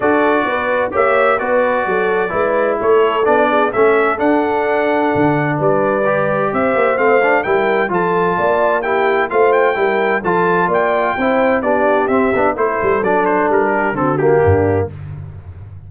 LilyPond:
<<
  \new Staff \with { instrumentName = "trumpet" } { \time 4/4 \tempo 4 = 129 d''2 e''4 d''4~ | d''2 cis''4 d''4 | e''4 fis''2. | d''2 e''4 f''4 |
g''4 a''2 g''4 | f''8 g''4. a''4 g''4~ | g''4 d''4 e''4 c''4 | d''8 c''8 ais'4 a'8 g'4. | }
  \new Staff \with { instrumentName = "horn" } { \time 4/4 a'4 b'4 cis''4 b'4 | a'4 b'4 a'4. gis'8 | a'1 | b'2 c''2 |
ais'4 a'4 d''4 g'4 | c''4 ais'4 a'4 d''4 | c''4 g'2 a'4~ | a'4. g'8 fis'4 d'4 | }
  \new Staff \with { instrumentName = "trombone" } { \time 4/4 fis'2 g'4 fis'4~ | fis'4 e'2 d'4 | cis'4 d'2.~ | d'4 g'2 c'8 d'8 |
e'4 f'2 e'4 | f'4 e'4 f'2 | e'4 d'4 c'8 d'8 e'4 | d'2 c'8 ais4. | }
  \new Staff \with { instrumentName = "tuba" } { \time 4/4 d'4 b4 ais4 b4 | fis4 gis4 a4 b4 | a4 d'2 d4 | g2 c'8 ais8 a4 |
g4 f4 ais2 | a4 g4 f4 ais4 | c'4 b4 c'8 b8 a8 g8 | fis4 g4 d4 g,4 | }
>>